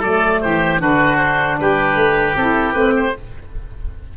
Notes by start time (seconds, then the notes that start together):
0.00 F#3 A3 A4 D5
0.41 E3 G4 C5
0.79 D3 D4 F#4 B4
1.18 C5
1.60 G3 G4 B4
1.95 A3
2.36 C4 E4 A4
2.74 A3 C4 B4
2.96 C5